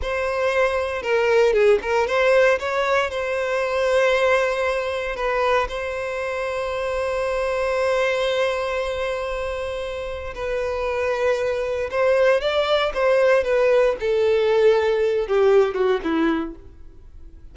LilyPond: \new Staff \with { instrumentName = "violin" } { \time 4/4 \tempo 4 = 116 c''2 ais'4 gis'8 ais'8 | c''4 cis''4 c''2~ | c''2 b'4 c''4~ | c''1~ |
c''1 | b'2. c''4 | d''4 c''4 b'4 a'4~ | a'4. g'4 fis'8 e'4 | }